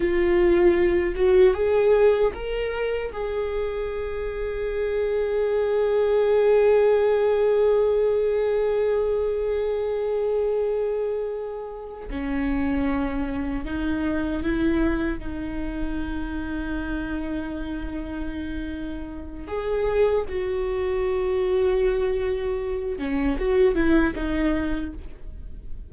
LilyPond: \new Staff \with { instrumentName = "viola" } { \time 4/4 \tempo 4 = 77 f'4. fis'8 gis'4 ais'4 | gis'1~ | gis'1~ | gis'2.~ gis'8 cis'8~ |
cis'4. dis'4 e'4 dis'8~ | dis'1~ | dis'4 gis'4 fis'2~ | fis'4. cis'8 fis'8 e'8 dis'4 | }